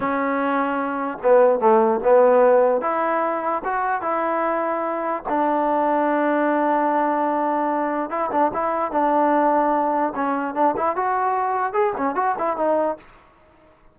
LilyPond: \new Staff \with { instrumentName = "trombone" } { \time 4/4 \tempo 4 = 148 cis'2. b4 | a4 b2 e'4~ | e'4 fis'4 e'2~ | e'4 d'2.~ |
d'1 | e'8 d'8 e'4 d'2~ | d'4 cis'4 d'8 e'8 fis'4~ | fis'4 gis'8 cis'8 fis'8 e'8 dis'4 | }